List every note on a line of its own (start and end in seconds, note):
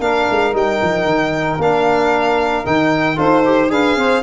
0.00 0.26 A#3
0.00 0.53 D4
0.00 3.16 A#4
0.00 0.54 F5
0.30 0.53 G#3
0.53 0.80 G3
0.53 1.59 D#4
0.53 1.62 G5
0.83 1.05 F3
1.05 1.57 D#3
1.58 2.64 A#3
1.58 2.65 D4
1.58 2.66 F5
2.65 3.18 D#3
2.65 3.16 D#4
2.65 3.19 G5
3.16 3.71 D#4
3.16 3.43 F4
3.16 3.68 A4
3.16 3.71 C5
3.46 3.70 G4
3.70 3.96 D4
3.70 4.23 G#4
3.70 3.97 B4
3.70 4.23 F5
3.96 4.22 C4
3.96 4.23 C5